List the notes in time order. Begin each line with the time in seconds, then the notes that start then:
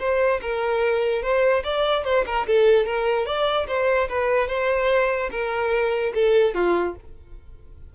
0.00 C5
0.42 A#4
1.23 C5
1.64 D5
2.05 C5
2.27 A#4
2.47 A4
2.86 A#4
3.26 D5
3.68 C5
4.09 B4
4.48 C5
5.31 A#4
6.14 A4
6.55 F4